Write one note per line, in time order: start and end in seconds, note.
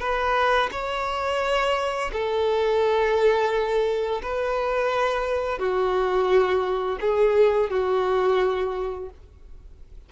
0.00 0.70 B4
0.72 2.11 C#5
2.12 4.22 A4
4.22 5.59 B4
5.59 6.98 F#4
7.01 7.70 G#4
7.70 9.10 F#4